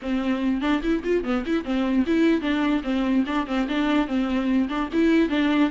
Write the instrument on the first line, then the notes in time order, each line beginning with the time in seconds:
viola
0.01 C4
0.61 D4
0.83 E4
1.04 F4
1.24 B3
1.46 E4
1.64 C4
2.06 E4
2.41 D4
2.83 C4
3.26 D4
3.46 C4
3.68 D4
4.07 C4
4.68 D4
4.92 E4
5.29 D4